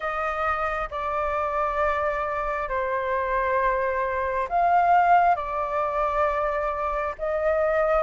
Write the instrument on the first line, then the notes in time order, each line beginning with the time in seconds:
flute
0.00 D#5
0.90 D5
2.69 C5
4.49 F5
5.35 D5
7.18 D#5